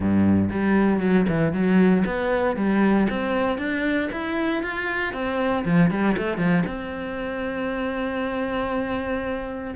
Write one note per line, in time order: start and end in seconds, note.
0.00 0.49 G2
0.50 1.00 G3
1.00 1.26 F#3
1.28 1.52 E3
1.52 2.04 F#3
2.05 2.56 B3
2.56 3.07 G3
3.09 3.58 C4
3.58 4.09 D4
4.12 4.62 E4
4.62 5.13 F4
5.13 5.64 C4
5.65 5.90 F3
5.90 6.16 G3
6.17 6.37 A3
6.37 6.63 F3
6.66 9.74 C4